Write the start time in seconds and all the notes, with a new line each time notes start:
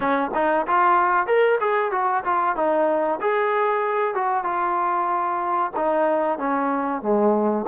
0.00 C#4
0.34 D#4
0.67 F4
1.26 A#4
1.60 G#4
1.91 F#4
2.24 F4
2.55 D#4
3.21 G#4
4.14 F#4
4.44 F4
5.76 D#4
6.38 C#4
7.02 G#3